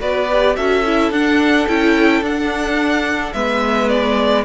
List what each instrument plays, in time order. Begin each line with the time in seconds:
0.00 cello B3, viola F#4, violin B4 D5
0.31 viola G4
0.56 cello C#4, viola F#4, violin A4 E5
0.86 viola E4
1.11 cello D4, viola D4, violin F#5
1.68 cello C#4, viola E4, violin G5
2.22 cello D4, viola D4, violin F#5
3.33 cello G#3, viola B3, violin B4 E5
3.89 violin D5